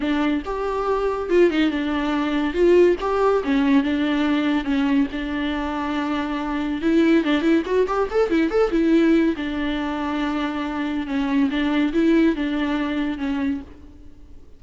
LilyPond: \new Staff \with { instrumentName = "viola" } { \time 4/4 \tempo 4 = 141 d'4 g'2 f'8 dis'8 | d'2 f'4 g'4 | cis'4 d'2 cis'4 | d'1 |
e'4 d'8 e'8 fis'8 g'8 a'8 e'8 | a'8 e'4. d'2~ | d'2 cis'4 d'4 | e'4 d'2 cis'4 | }